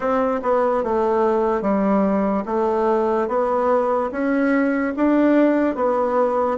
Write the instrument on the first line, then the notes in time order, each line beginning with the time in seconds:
bassoon
0.00 C4
0.42 B3
0.83 A3
1.61 G3
2.45 A3
3.28 B3
4.11 C#4
4.96 D4
5.75 B3